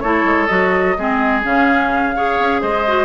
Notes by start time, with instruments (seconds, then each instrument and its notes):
0.00 bassoon A3, clarinet E4, oboe A4, flute C#5
0.24 bassoon G#3
0.46 bassoon F#3, clarinet F#4, flute D#5
0.97 bassoon G#3, clarinet C4, oboe G#4
1.43 bassoon C#3, clarinet C#4, flute F5
2.15 clarinet G#4, oboe C#5
2.39 bassoon C#4
2.61 bassoon G#3, oboe C5, flute D#5
2.87 clarinet F#4